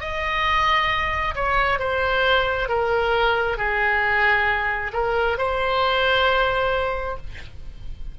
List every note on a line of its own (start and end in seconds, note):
0.00 1.34 D#5
1.35 1.79 C#5
1.79 2.69 C5
2.69 3.57 A#4
3.57 4.92 G#4
4.93 5.38 A#4
5.38 7.17 C5